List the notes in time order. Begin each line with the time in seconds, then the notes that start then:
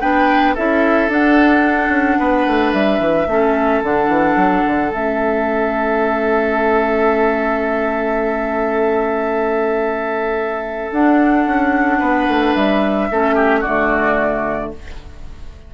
0.00 B3 D4 B4 G5
0.54 C#4 E4 A4 E5
1.08 D4 F#5
1.88 C#4
2.18 B3 B4
2.46 A3
2.72 G3 E5
2.99 E3
3.27 A3 C#4 A4
3.83 D3 D4 F#5
4.08 E3
4.35 F#3
4.66 D3
4.91 A3 C#4 E5
10.91 D4 F#5
11.46 C#4
11.99 B3 B4
12.28 A3
12.55 G3 E5
13.10 A3 C#4 A4
13.35 G4
13.60 D3 A3 F#4 D5